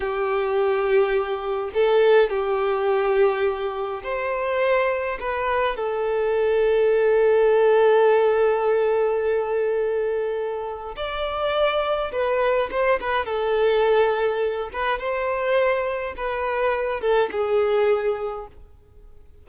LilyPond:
\new Staff \with { instrumentName = "violin" } { \time 4/4 \tempo 4 = 104 g'2. a'4 | g'2. c''4~ | c''4 b'4 a'2~ | a'1~ |
a'2. d''4~ | d''4 b'4 c''8 b'8 a'4~ | a'4. b'8 c''2 | b'4. a'8 gis'2 | }